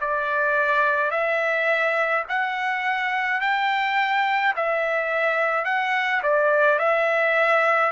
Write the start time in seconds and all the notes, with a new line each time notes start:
0.00 D5
1.11 E5
2.29 F#5
3.41 G5
4.56 E5
5.65 F#5
6.23 D5
6.79 E5